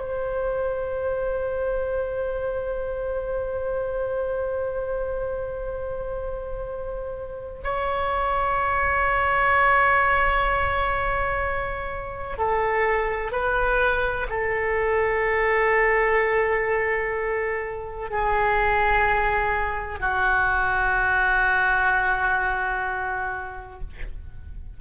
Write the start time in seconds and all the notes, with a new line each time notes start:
0.00 C5
7.65 C#5
12.39 A4
13.32 B4
14.30 A4
18.10 G#4
20.00 F#4